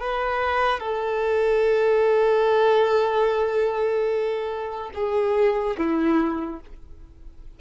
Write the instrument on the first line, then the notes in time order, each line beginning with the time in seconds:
violin
0.00 B4
0.80 A4
4.95 G#4
5.78 E4